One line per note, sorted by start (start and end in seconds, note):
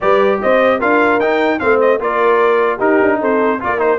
0.00 0.42 G3
0.00 0.80 G4
0.00 0.41 B4
0.00 0.40 D5
0.42 0.82 C4
0.42 0.78 C5
0.42 0.81 D#5
0.78 1.19 D4
0.78 1.20 F4
0.78 1.58 A#4
0.78 1.20 F5
1.19 1.59 D#4
1.19 1.59 G5
1.59 1.99 A3
1.59 1.99 C4
1.59 2.01 C5
1.59 1.79 F5
1.80 2.00 D#5
1.99 2.79 A#3
1.99 2.79 F4
1.99 2.77 A#4
1.99 2.80 D5
2.77 3.59 D#4
2.77 2.99 D#4
2.77 3.17 G4
2.77 3.20 A#4
3.01 3.21 D4
3.20 3.61 C4
3.20 3.60 A4
3.20 3.63 C5
3.60 3.98 A#3
3.60 3.78 F4
3.60 3.98 A#4
3.60 3.80 D5
3.78 3.98 D#4
3.78 3.98 C5